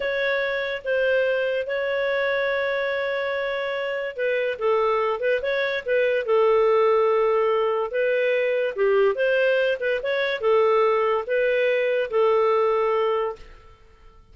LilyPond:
\new Staff \with { instrumentName = "clarinet" } { \time 4/4 \tempo 4 = 144 cis''2 c''2 | cis''1~ | cis''2 b'4 a'4~ | a'8 b'8 cis''4 b'4 a'4~ |
a'2. b'4~ | b'4 g'4 c''4. b'8 | cis''4 a'2 b'4~ | b'4 a'2. | }